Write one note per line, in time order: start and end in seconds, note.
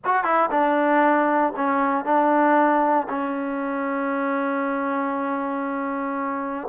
0.04 0.24 F#4
0.24 0.49 E4
0.50 1.53 D4
1.55 2.04 C#4
2.04 3.07 D4
3.08 6.67 C#4